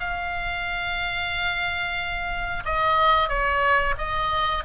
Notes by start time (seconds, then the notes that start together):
0.00 F5
2.66 D#5
3.29 C#5
3.98 D#5